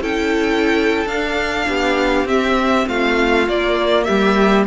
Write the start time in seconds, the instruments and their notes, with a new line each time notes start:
0.00 cello C#4, viola E4, violin A4 G5
1.06 cello D4, viola D4, violin F5
1.68 cello B3, violin G4
2.25 cello C4, viola C4, violin E5
2.88 cello A3, violin F4 F5
3.48 cello A#3, viola A#3, violin D5
4.03 cello G3, violin G4 E5